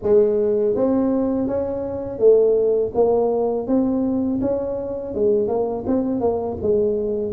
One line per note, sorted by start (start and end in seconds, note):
0.02 0.75 G#3
0.75 1.47 C4
1.47 2.19 C#4
2.19 2.92 A3
2.94 3.67 A#3
3.67 4.40 C4
4.41 5.14 C#4
5.14 5.47 G#3
5.47 5.84 A#3
5.87 6.20 C4
6.20 6.57 A#3
6.62 7.32 G#3